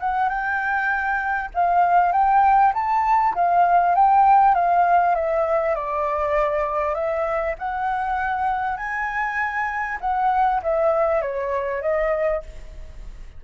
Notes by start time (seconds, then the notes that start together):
0.00 F#5
0.29 G5
1.55 F5
2.12 G5
2.74 A5
3.35 F5
3.95 G5
4.55 F5
5.15 E5
5.75 D5
6.95 E5
7.59 F#5
8.77 G#5
10.01 F#5
10.63 E5
11.22 C#5
11.82 D#5